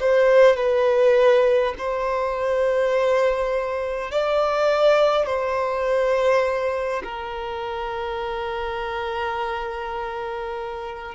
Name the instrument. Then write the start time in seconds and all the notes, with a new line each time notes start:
violin
0.00 C5
0.57 B4
1.78 C5
4.11 D5
5.26 C5
7.04 A#4